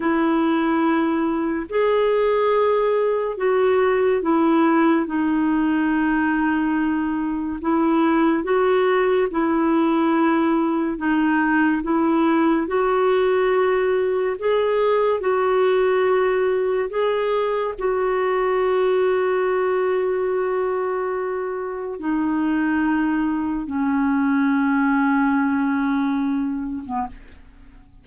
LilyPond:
\new Staff \with { instrumentName = "clarinet" } { \time 4/4 \tempo 4 = 71 e'2 gis'2 | fis'4 e'4 dis'2~ | dis'4 e'4 fis'4 e'4~ | e'4 dis'4 e'4 fis'4~ |
fis'4 gis'4 fis'2 | gis'4 fis'2.~ | fis'2 dis'2 | cis'2.~ cis'8. b16 | }